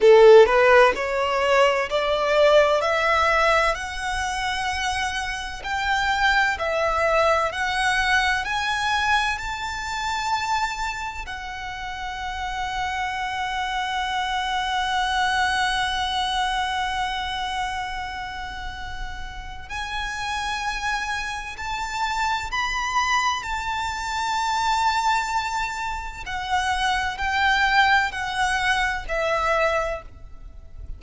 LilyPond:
\new Staff \with { instrumentName = "violin" } { \time 4/4 \tempo 4 = 64 a'8 b'8 cis''4 d''4 e''4 | fis''2 g''4 e''4 | fis''4 gis''4 a''2 | fis''1~ |
fis''1~ | fis''4 gis''2 a''4 | b''4 a''2. | fis''4 g''4 fis''4 e''4 | }